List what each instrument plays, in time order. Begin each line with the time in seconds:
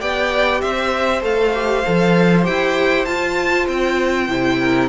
0.00 cello B3, viola G4, violin D5 G5
0.61 cello C4, violin C5 E5
1.21 cello A3, viola A4, violin F5
1.54 viola G4
1.85 cello F3, viola A4
2.43 cello E4, viola G4, violin G5
3.05 cello F4, viola F4, violin A5
3.68 cello C4, violin G5
4.29 cello C3, viola E4
4.59 violin A#4